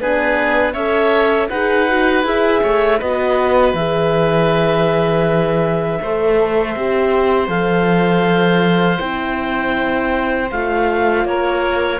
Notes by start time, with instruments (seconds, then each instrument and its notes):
0.00 cello B3, horn D4, oboe G#4, clarinet B4
0.73 cello C#4, horn A4, oboe C#5, clarinet E5
1.49 cello D#4, horn G#4, oboe B4, clarinet F#5
1.88 horn F#4
2.23 cello E4, horn G#4, clarinet E5
2.62 cello A3, oboe C#5
2.98 cello B3, horn F#4, oboe B4, clarinet D#5
3.73 cello E3, horn G#4, clarinet E5
6.01 cello A3, horn A4, oboe C5
6.75 cello C4, horn G4
7.47 cello F3, horn A4, clarinet F5
8.99 cello C4, horn E4, clarinet G5
10.51 cello A3, horn F4, clarinet F5
11.24 cello A#3, oboe A#4, clarinet C#5